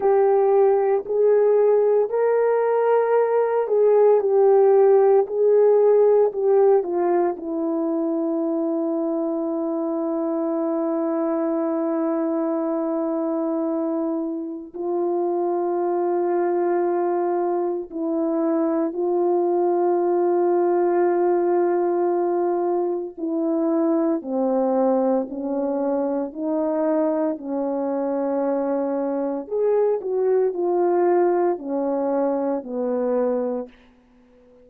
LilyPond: \new Staff \with { instrumentName = "horn" } { \time 4/4 \tempo 4 = 57 g'4 gis'4 ais'4. gis'8 | g'4 gis'4 g'8 f'8 e'4~ | e'1~ | e'2 f'2~ |
f'4 e'4 f'2~ | f'2 e'4 c'4 | cis'4 dis'4 cis'2 | gis'8 fis'8 f'4 cis'4 b4 | }